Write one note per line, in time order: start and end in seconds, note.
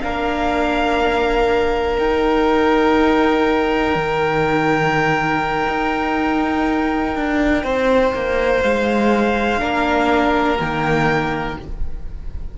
0.00 1.98 A#3
0.00 1.98 D4
0.00 7.63 A#4
0.00 1.97 F5
1.98 3.95 D#4
1.98 9.59 D#4
1.98 8.61 G5
3.95 5.67 D#3
5.68 7.15 D#4
7.15 7.64 D4
7.63 8.13 C4
7.63 9.60 C5
8.14 8.63 A#3
8.61 9.61 G#3
8.61 10.57 F5
9.59 10.59 A#3
9.59 10.57 D4
9.59 11.58 A#4
10.59 11.58 D#3
10.59 11.57 A#3
10.59 11.58 G5